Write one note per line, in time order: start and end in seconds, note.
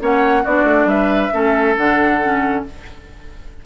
0.00 0.46 A#3
0.00 0.44 C#4
0.00 0.43 C#5
0.00 0.46 F#5
0.43 0.64 B3
0.43 1.33 D4
0.43 0.87 F#4
0.43 0.89 D5
0.64 0.86 A3
0.86 1.30 G3
0.86 1.33 B4
0.86 1.76 E5
1.33 1.78 A3
1.33 1.76 C#4
1.33 2.66 A4
1.77 2.65 D3
1.77 2.22 D4
1.77 2.65 F#5
2.22 2.66 C#4